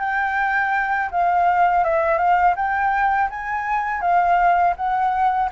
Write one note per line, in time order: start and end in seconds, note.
0.00 1.10 G5
1.11 1.84 F5
1.84 2.18 E5
2.18 2.55 F5
2.56 3.29 G5
3.30 4.01 G#5
4.01 4.74 F5
4.77 5.50 F#5